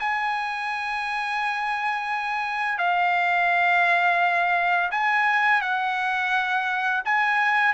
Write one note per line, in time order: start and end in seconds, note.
0.00 2.78 G#5
2.78 4.90 F5
4.91 5.61 G#5
5.61 7.02 F#5
7.05 7.74 G#5